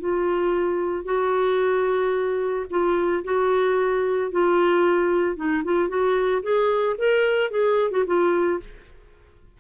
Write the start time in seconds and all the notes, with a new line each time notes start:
0.00 F4
1.05 F#4
2.70 F4
3.24 F#4
4.31 F4
5.36 D#4
5.64 F4
5.89 F#4
6.43 G#4
6.98 A#4
7.51 G#4
7.91 F#4
8.06 F4